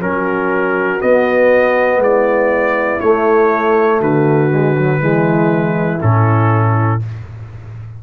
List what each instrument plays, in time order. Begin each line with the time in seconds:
0.00 tuba F#3, trombone C#4, horn F#4, trumpet A#4
1.00 trombone B3, tuba B3, trumpet D#5
1.99 tuba G#3, horn E4, trumpet D5
3.00 tuba A3, trombone A3, trumpet C#5
4.00 tuba D3, horn F#4, trumpet B4
4.51 trombone G#3
4.77 trombone F#3
5.00 tuba E3, trombone G#3, horn E4
6.00 tuba A2, trombone C#4, trumpet A4